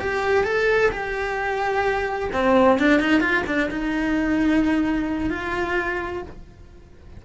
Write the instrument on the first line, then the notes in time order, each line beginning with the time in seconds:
cello
0.00 G4
0.44 A4
0.91 G4
2.33 C4
2.79 D4
3.00 D#4
3.20 F4
3.46 D4
3.70 D#4
5.30 F4